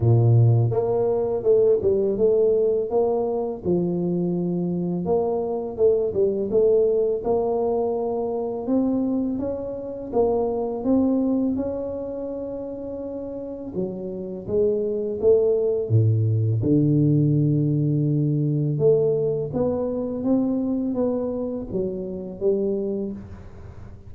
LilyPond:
\new Staff \with { instrumentName = "tuba" } { \time 4/4 \tempo 4 = 83 ais,4 ais4 a8 g8 a4 | ais4 f2 ais4 | a8 g8 a4 ais2 | c'4 cis'4 ais4 c'4 |
cis'2. fis4 | gis4 a4 a,4 d4~ | d2 a4 b4 | c'4 b4 fis4 g4 | }